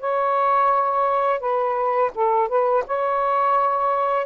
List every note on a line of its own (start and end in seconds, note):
0.00 1.40 C#5
1.40 2.11 B4
2.15 2.48 A4
2.48 2.84 B4
2.87 4.26 C#5